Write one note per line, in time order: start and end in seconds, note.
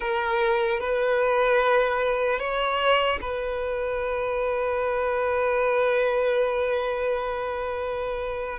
0.00 0.80 A#4
0.80 2.39 B4
2.39 3.19 C#5
3.21 8.59 B4